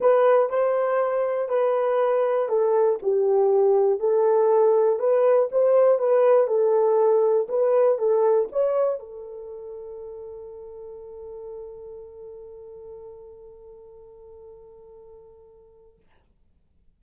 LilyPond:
\new Staff \with { instrumentName = "horn" } { \time 4/4 \tempo 4 = 120 b'4 c''2 b'4~ | b'4 a'4 g'2 | a'2 b'4 c''4 | b'4 a'2 b'4 |
a'4 cis''4 a'2~ | a'1~ | a'1~ | a'1 | }